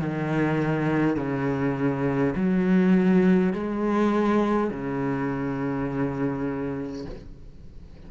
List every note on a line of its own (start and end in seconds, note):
0.00 1.16 D#3
1.16 2.34 C#3
2.36 3.53 F#3
3.53 4.70 G#3
4.70 7.05 C#3